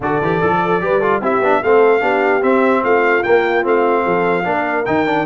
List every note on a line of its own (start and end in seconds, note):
0.00 0.20 D3
0.00 0.22 F#4
0.00 0.83 A4
0.00 1.23 D5
0.21 0.41 E3
0.21 0.40 G4
0.40 0.81 F3
0.40 0.80 A4
0.80 1.20 G3
0.80 1.01 G4
0.80 0.99 B4
0.99 1.22 F4
0.99 1.20 A4
1.20 1.40 C4
1.20 1.42 E4
1.20 1.61 G4
1.20 1.63 E5
1.40 1.60 B3
1.40 1.63 D4
1.62 2.02 A3
1.62 2.00 C4
1.62 2.01 A4
1.62 2.42 F5
2.00 2.42 B3
2.00 2.41 D4
2.00 2.82 G4
2.42 3.23 C4
2.42 2.83 C4
2.42 2.83 E5
2.83 3.24 A3
2.83 4.03 F4
2.83 3.23 F5
3.23 3.62 A#3
3.23 3.64 A#3
3.23 3.64 G5
3.62 4.05 A3
3.62 4.43 C4
3.62 4.85 F5
4.03 4.45 F3
4.03 4.44 A4
4.44 4.86 A#3
4.44 4.84 D4
4.44 5.25 A#4
4.85 5.25 D#3
4.85 5.06 D#4
4.85 5.25 G5
5.06 5.25 D4